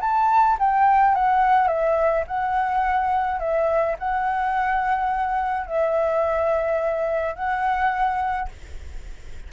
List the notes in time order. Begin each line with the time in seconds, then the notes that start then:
0.00 A5
0.59 G5
1.14 F#5
1.67 E5
2.27 F#5
3.39 E5
3.98 F#5
5.66 E5
7.35 F#5